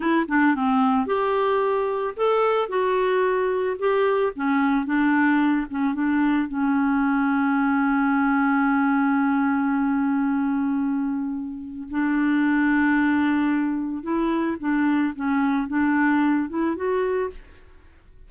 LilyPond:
\new Staff \with { instrumentName = "clarinet" } { \time 4/4 \tempo 4 = 111 e'8 d'8 c'4 g'2 | a'4 fis'2 g'4 | cis'4 d'4. cis'8 d'4 | cis'1~ |
cis'1~ | cis'2 d'2~ | d'2 e'4 d'4 | cis'4 d'4. e'8 fis'4 | }